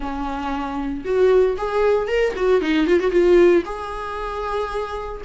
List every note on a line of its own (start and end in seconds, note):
0.00 1.03 C#4
1.04 1.57 F#4
1.57 2.07 G#4
2.07 2.33 A#4
2.35 2.61 F#4
2.61 2.86 D#4
2.86 2.99 F4
2.99 3.11 F#4
3.11 3.63 F4
3.65 5.21 G#4